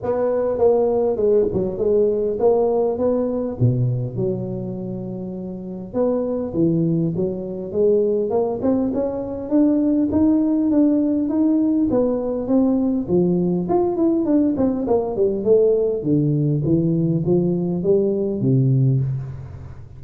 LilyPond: \new Staff \with { instrumentName = "tuba" } { \time 4/4 \tempo 4 = 101 b4 ais4 gis8 fis8 gis4 | ais4 b4 b,4 fis4~ | fis2 b4 e4 | fis4 gis4 ais8 c'8 cis'4 |
d'4 dis'4 d'4 dis'4 | b4 c'4 f4 f'8 e'8 | d'8 c'8 ais8 g8 a4 d4 | e4 f4 g4 c4 | }